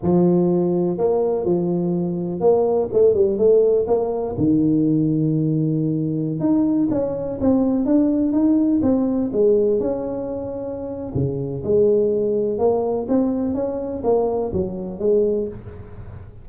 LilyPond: \new Staff \with { instrumentName = "tuba" } { \time 4/4 \tempo 4 = 124 f2 ais4 f4~ | f4 ais4 a8 g8 a4 | ais4 dis2.~ | dis4~ dis16 dis'4 cis'4 c'8.~ |
c'16 d'4 dis'4 c'4 gis8.~ | gis16 cis'2~ cis'8. cis4 | gis2 ais4 c'4 | cis'4 ais4 fis4 gis4 | }